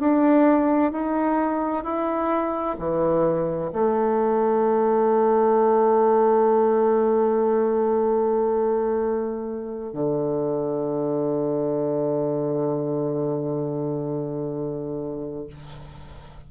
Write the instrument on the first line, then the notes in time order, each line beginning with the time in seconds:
bassoon
0.00 D4
0.92 D#4
1.84 E4
2.79 E3
3.73 A3
9.93 D3